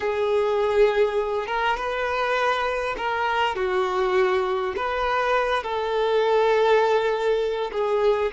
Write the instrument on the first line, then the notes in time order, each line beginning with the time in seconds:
violin
0.00 G#4
1.47 A#4
1.76 B4
2.97 A#4
3.55 F#4
4.76 B4
5.63 A4
7.72 G#4